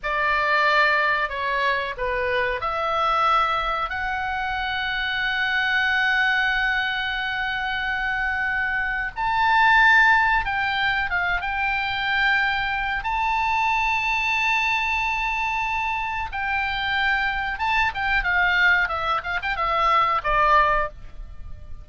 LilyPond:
\new Staff \with { instrumentName = "oboe" } { \time 4/4 \tempo 4 = 92 d''2 cis''4 b'4 | e''2 fis''2~ | fis''1~ | fis''2 a''2 |
g''4 f''8 g''2~ g''8 | a''1~ | a''4 g''2 a''8 g''8 | f''4 e''8 f''16 g''16 e''4 d''4 | }